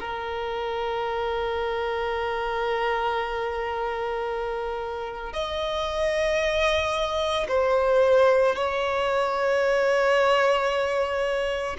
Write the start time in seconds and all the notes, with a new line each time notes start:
0.00 A#4
5.33 D#5
7.49 C5
8.55 C#5